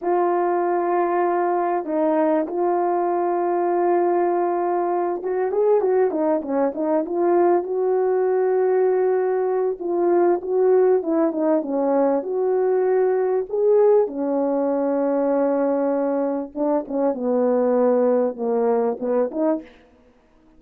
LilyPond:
\new Staff \with { instrumentName = "horn" } { \time 4/4 \tempo 4 = 98 f'2. dis'4 | f'1~ | f'8 fis'8 gis'8 fis'8 dis'8 cis'8 dis'8 f'8~ | f'8 fis'2.~ fis'8 |
f'4 fis'4 e'8 dis'8 cis'4 | fis'2 gis'4 cis'4~ | cis'2. d'8 cis'8 | b2 ais4 b8 dis'8 | }